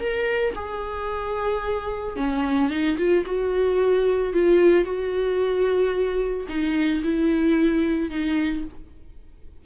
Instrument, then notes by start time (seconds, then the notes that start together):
viola
0.00 A#4
0.55 G#4
2.16 C#4
2.70 D#4
2.98 F4
3.26 F#4
4.34 F4
4.85 F#4
6.49 D#4
7.03 E4
8.10 D#4